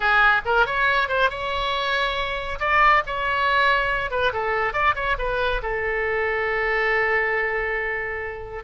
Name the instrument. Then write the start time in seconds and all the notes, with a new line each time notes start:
oboe
0.00 G#4
0.45 A#4
0.66 C#5
1.08 C5
1.29 C#5
2.59 D5
3.06 C#5
4.10 B4
4.32 A4
4.73 D5
4.95 C#5
5.18 B4
5.62 A4